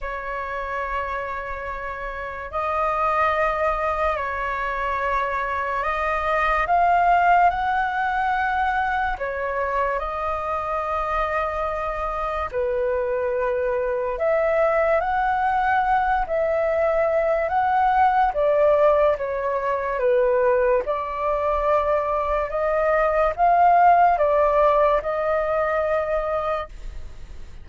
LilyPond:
\new Staff \with { instrumentName = "flute" } { \time 4/4 \tempo 4 = 72 cis''2. dis''4~ | dis''4 cis''2 dis''4 | f''4 fis''2 cis''4 | dis''2. b'4~ |
b'4 e''4 fis''4. e''8~ | e''4 fis''4 d''4 cis''4 | b'4 d''2 dis''4 | f''4 d''4 dis''2 | }